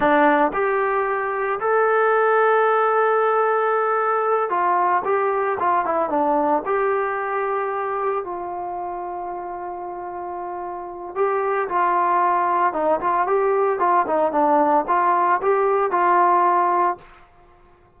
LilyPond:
\new Staff \with { instrumentName = "trombone" } { \time 4/4 \tempo 4 = 113 d'4 g'2 a'4~ | a'1~ | a'8 f'4 g'4 f'8 e'8 d'8~ | d'8 g'2. f'8~ |
f'1~ | f'4 g'4 f'2 | dis'8 f'8 g'4 f'8 dis'8 d'4 | f'4 g'4 f'2 | }